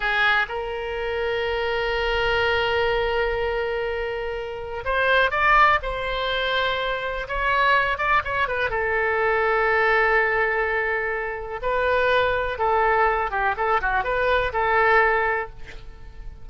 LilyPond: \new Staff \with { instrumentName = "oboe" } { \time 4/4 \tempo 4 = 124 gis'4 ais'2.~ | ais'1~ | ais'2 c''4 d''4 | c''2. cis''4~ |
cis''8 d''8 cis''8 b'8 a'2~ | a'1 | b'2 a'4. g'8 | a'8 fis'8 b'4 a'2 | }